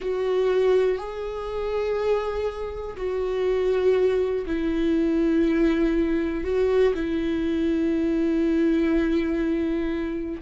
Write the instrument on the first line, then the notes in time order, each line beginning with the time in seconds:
viola
0.00 F#4
0.98 G#4
2.96 F#4
4.46 E4
6.44 F#4
6.94 E4